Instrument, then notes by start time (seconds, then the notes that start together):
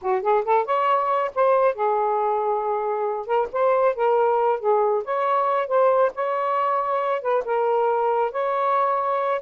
saxophone
0.01 F#4
0.22 G#4
0.44 A4
0.65 C#5
1.35 C5
1.75 G#4
3.26 A#4
3.52 C5
3.95 A#4
4.59 G#4
5.04 C#5
5.67 C5
6.14 C#5
7.21 B4
7.44 A#4
8.31 C#5